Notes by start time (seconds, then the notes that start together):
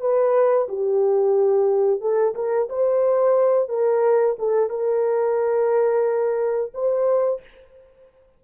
0.00 B4
0.68 G4
2.01 A4
2.35 A#4
2.69 C5
3.69 A#4
4.39 A4
4.69 A#4
6.74 C5